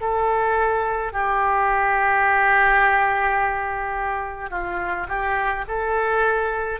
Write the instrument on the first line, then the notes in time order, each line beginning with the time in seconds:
oboe
0.00 A4
1.12 G4
4.50 F4
5.08 G4
5.68 A4